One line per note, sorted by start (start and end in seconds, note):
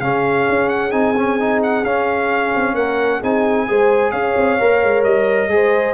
0.00 0.46 C#3
0.00 0.91 C#4
0.00 2.74 G#4
0.00 0.69 F5
0.49 0.92 C#4
0.69 0.91 F#5
0.91 1.83 C4
0.91 1.14 D#4
0.91 1.60 G#5
1.17 1.39 C#4
1.39 1.85 D#4
1.63 1.84 F#5
1.83 2.52 C#4
1.83 3.23 C#4
1.83 2.75 F5
2.56 2.75 C4
2.74 3.20 A#3
2.74 3.20 A#4
2.74 3.21 F#5
3.20 3.69 C4
3.20 3.68 D#4
3.20 3.65 G#4
3.20 4.11 G#5
3.68 4.13 G#3
3.68 4.59 G#4
3.68 4.12 C5
4.11 4.36 C#4
4.11 5.49 C#5
4.11 5.03 F5
4.37 4.60 C4
4.59 4.83 A#3
4.59 5.49 A#4
4.83 5.04 G#3
5.04 5.48 G3
5.04 5.94 D#5
5.48 5.94 G#3
5.48 5.94 G#4
5.48 5.94 C5